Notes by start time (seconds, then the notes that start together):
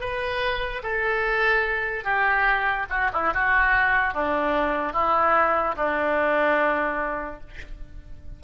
0.00 B4
0.83 A4
2.04 G4
2.90 F#4
3.13 E4
3.34 F#4
4.14 D4
4.93 E4
5.76 D4